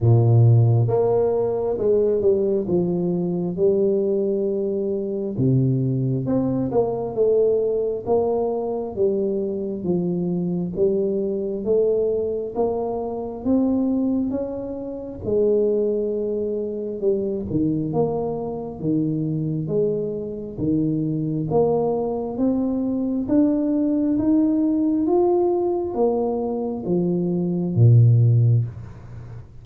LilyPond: \new Staff \with { instrumentName = "tuba" } { \time 4/4 \tempo 4 = 67 ais,4 ais4 gis8 g8 f4 | g2 c4 c'8 ais8 | a4 ais4 g4 f4 | g4 a4 ais4 c'4 |
cis'4 gis2 g8 dis8 | ais4 dis4 gis4 dis4 | ais4 c'4 d'4 dis'4 | f'4 ais4 f4 ais,4 | }